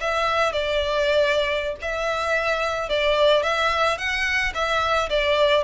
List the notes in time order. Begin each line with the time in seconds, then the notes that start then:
0.00 E5
0.52 D5
1.81 E5
2.89 D5
3.43 E5
3.98 F#5
4.54 E5
5.09 D5